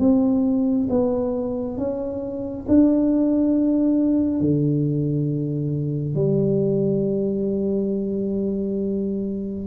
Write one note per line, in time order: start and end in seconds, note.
0.00 0.88 C4
0.90 1.78 B3
1.78 2.66 C#4
2.69 4.41 D4
4.41 6.15 D3
6.15 9.68 G3